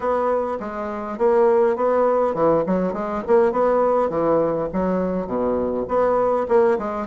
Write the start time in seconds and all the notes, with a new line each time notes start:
0.00 B3
0.60 G#3
1.17 A#3
1.75 B3
2.34 E3
2.66 F#3
2.93 G#3
3.27 A#3
3.52 B3
4.09 E3
4.72 F#3
5.26 B2
5.88 B3
6.48 A#3
6.78 G#3